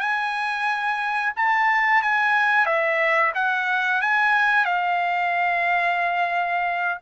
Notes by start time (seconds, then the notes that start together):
0.00 G#5
1.37 A5
2.03 G#5
2.66 E5
3.35 F#5
4.02 G#5
4.66 F5